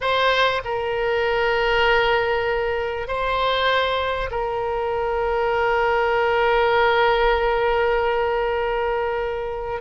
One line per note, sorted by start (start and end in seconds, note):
0.01 0.62 C5
0.64 3.07 A#4
3.07 4.29 C5
4.31 9.81 A#4